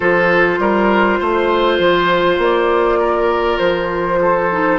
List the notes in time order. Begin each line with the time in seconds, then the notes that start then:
0.00 F3 F4 A4 C5
0.58 G3 A#4
1.19 A3 C5
1.78 F3
2.38 A#3 D5
2.99 A#4
3.58 F3 C5
4.21 A4
4.51 D#4